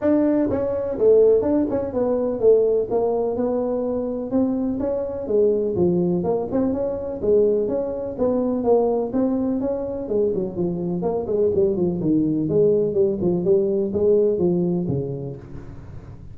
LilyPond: \new Staff \with { instrumentName = "tuba" } { \time 4/4 \tempo 4 = 125 d'4 cis'4 a4 d'8 cis'8 | b4 a4 ais4 b4~ | b4 c'4 cis'4 gis4 | f4 ais8 c'8 cis'4 gis4 |
cis'4 b4 ais4 c'4 | cis'4 gis8 fis8 f4 ais8 gis8 | g8 f8 dis4 gis4 g8 f8 | g4 gis4 f4 cis4 | }